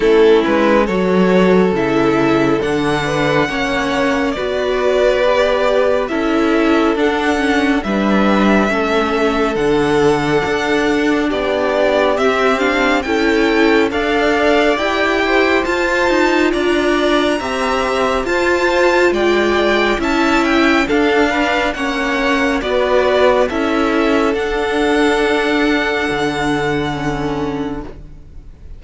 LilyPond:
<<
  \new Staff \with { instrumentName = "violin" } { \time 4/4 \tempo 4 = 69 a'8 b'8 cis''4 e''4 fis''4~ | fis''4 d''2 e''4 | fis''4 e''2 fis''4~ | fis''4 d''4 e''8 f''8 g''4 |
f''4 g''4 a''4 ais''4~ | ais''4 a''4 g''4 a''8 g''8 | f''4 fis''4 d''4 e''4 | fis''1 | }
  \new Staff \with { instrumentName = "violin" } { \time 4/4 e'4 a'2~ a'8 b'8 | cis''4 b'2 a'4~ | a'4 b'4 a'2~ | a'4 g'2 a'4 |
d''4. c''4. d''4 | e''4 c''4 d''4 e''4 | a'8 b'8 cis''4 b'4 a'4~ | a'1 | }
  \new Staff \with { instrumentName = "viola" } { \time 4/4 cis'4 fis'4 e'4 d'4 | cis'4 fis'4 g'4 e'4 | d'8 cis'8 d'4 cis'4 d'4~ | d'2 c'8 d'8 e'4 |
a'4 g'4 f'2 | g'4 f'2 e'4 | d'4 cis'4 fis'4 e'4 | d'2. cis'4 | }
  \new Staff \with { instrumentName = "cello" } { \time 4/4 a8 gis8 fis4 cis4 d4 | ais4 b2 cis'4 | d'4 g4 a4 d4 | d'4 b4 c'4 cis'4 |
d'4 e'4 f'8 dis'8 d'4 | c'4 f'4 gis4 cis'4 | d'4 ais4 b4 cis'4 | d'2 d2 | }
>>